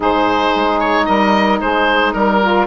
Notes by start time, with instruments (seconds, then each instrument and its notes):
0.00 bassoon G#2, saxophone D#4 G#4, oboe C5
0.55 bassoon G#3
0.79 oboe C#5
1.05 bassoon G3, saxophone A#4, oboe D#5
1.60 bassoon G#3, saxophone G#4, oboe C5
2.13 bassoon G3, oboe A#4, saxophone A#4
2.41 saxophone F4